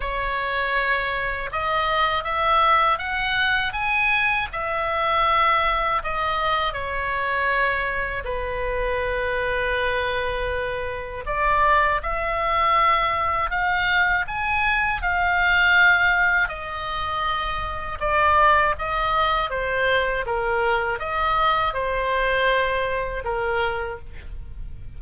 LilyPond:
\new Staff \with { instrumentName = "oboe" } { \time 4/4 \tempo 4 = 80 cis''2 dis''4 e''4 | fis''4 gis''4 e''2 | dis''4 cis''2 b'4~ | b'2. d''4 |
e''2 f''4 gis''4 | f''2 dis''2 | d''4 dis''4 c''4 ais'4 | dis''4 c''2 ais'4 | }